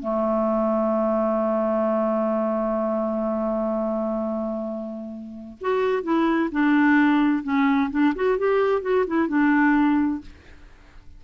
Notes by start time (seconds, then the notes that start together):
0.00 A3
5.61 F#4
6.03 E4
6.52 D4
7.44 C#4
7.91 D4
8.16 F#4
8.38 G4
8.82 F#4
9.07 E4
9.29 D4